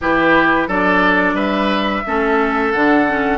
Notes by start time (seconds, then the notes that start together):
0.01 E3 E4 G4 B4
0.67 F#3 D4 A4 D5
1.33 G3 B4 E5
2.05 A3 C#4 A4
2.72 D3 D4 F#5
3.07 C#4